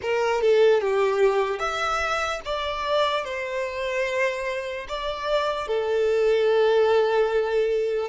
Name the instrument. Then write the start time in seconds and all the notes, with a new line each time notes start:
violin
0.02 A#4
0.41 A4
0.80 G4
1.59 E5
2.45 D5
3.24 C5
4.88 D5
5.67 A4